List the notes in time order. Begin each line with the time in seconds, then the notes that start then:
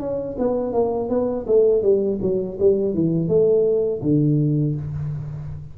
0.00 C#4
0.39 B3
0.73 A#3
1.09 B3
1.47 A3
1.83 G3
2.22 F#3
2.60 G3
2.94 E3
3.28 A3
4.02 D3